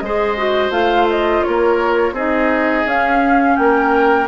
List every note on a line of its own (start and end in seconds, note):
0.00 0.70 G#3
0.00 0.37 G#4
0.00 1.47 C5
0.00 0.71 D#5
0.37 0.71 F#4
0.70 1.42 A3
0.70 2.14 F4
0.70 1.08 F5
1.10 1.44 D#5
1.44 2.13 A#3
1.44 2.15 A#4
1.44 2.15 C#5
2.13 2.84 C4
2.13 2.88 D#4
2.13 3.57 G#4
2.13 2.88 D#5
2.86 3.57 C#4
2.86 4.28 C#4
2.86 3.56 F5
3.56 4.28 A#3
3.56 4.28 G5
3.63 4.28 A#4